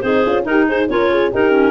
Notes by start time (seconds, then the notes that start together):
0.00 C4 D#4 G#4 C5
0.25 C#4 F4
0.42 D#4 A#4
0.50 G4
0.67 G#4 C5
0.89 C#4 F4 A#4 C#5
1.11 G#4
1.31 D#4 G4 A#4
1.50 C#4